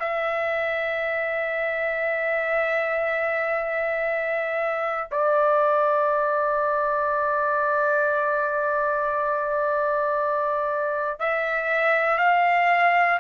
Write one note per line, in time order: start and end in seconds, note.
0.00 5.08 E5
5.11 11.20 D5
11.20 12.18 E5
12.18 13.20 F5